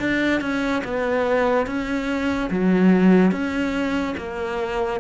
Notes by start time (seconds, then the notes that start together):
0.00 D4
0.41 C#4
0.84 B3
1.67 C#4
2.51 F#3
3.32 C#4
4.17 A#3